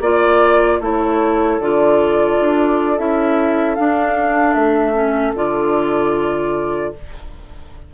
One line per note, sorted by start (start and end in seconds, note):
0.00 0.79 A#3
0.00 0.81 F4
0.00 0.80 D5
0.00 0.82 D5
0.80 1.59 A3
0.80 1.60 E4
0.80 6.92 A4
0.80 1.60 C#5
1.59 2.38 D3
1.59 2.98 F4
1.59 2.98 D5
2.40 2.99 D4
2.98 3.78 C#4
2.98 3.77 E4
2.98 3.75 E5
3.75 4.94 D4
3.75 4.55 D4
3.75 4.53 F5
4.53 5.34 A3
4.53 5.32 E5
4.94 5.33 C#4
5.35 6.93 D3
5.35 6.93 F4
5.35 6.94 D5